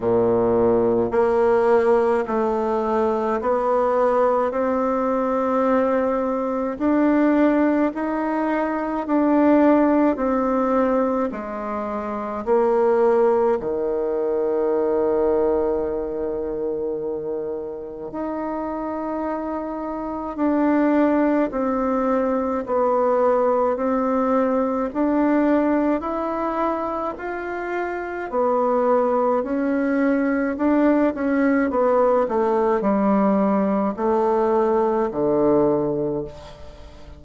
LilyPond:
\new Staff \with { instrumentName = "bassoon" } { \time 4/4 \tempo 4 = 53 ais,4 ais4 a4 b4 | c'2 d'4 dis'4 | d'4 c'4 gis4 ais4 | dis1 |
dis'2 d'4 c'4 | b4 c'4 d'4 e'4 | f'4 b4 cis'4 d'8 cis'8 | b8 a8 g4 a4 d4 | }